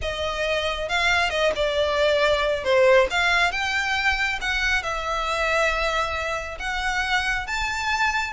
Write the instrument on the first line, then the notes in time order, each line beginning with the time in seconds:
violin
0.01 D#5
0.89 F5
1.30 D#5
1.55 D5
2.64 C5
3.10 F5
3.51 G5
4.41 F#5
4.82 E5
6.59 F#5
7.46 A5